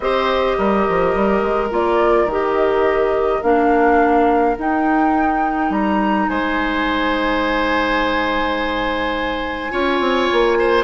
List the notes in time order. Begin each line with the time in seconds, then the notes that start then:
0.00 C4 G4 C5 D#5
0.57 G3 A#4
0.88 F3
1.15 G3
1.42 G#3
1.70 A#3 F4 D5
2.25 D#3 G4
2.31 D#5
3.42 A#3 D4 F5
4.58 D#4 G5
5.70 G3 A#5
6.29 G#3 C5 G#5
9.71 C#4 F4 C#5
10.00 C4
10.31 A#3
10.58 C5